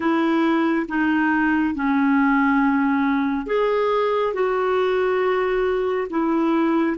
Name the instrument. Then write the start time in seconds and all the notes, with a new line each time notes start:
clarinet
0.00 E4
0.88 D#4
1.74 C#4
3.46 G#4
4.33 F#4
6.09 E4